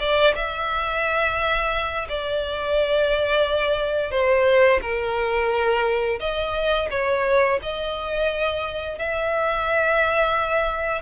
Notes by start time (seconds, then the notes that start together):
0.00 D5
0.36 E5
2.09 D5
4.11 C5
4.82 A#4
6.20 D#5
6.91 C#5
7.63 D#5
8.99 E5